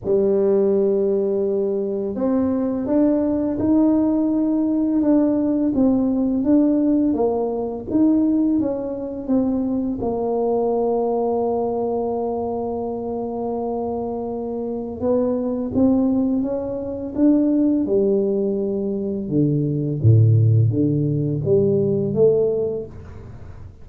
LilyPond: \new Staff \with { instrumentName = "tuba" } { \time 4/4 \tempo 4 = 84 g2. c'4 | d'4 dis'2 d'4 | c'4 d'4 ais4 dis'4 | cis'4 c'4 ais2~ |
ais1~ | ais4 b4 c'4 cis'4 | d'4 g2 d4 | a,4 d4 g4 a4 | }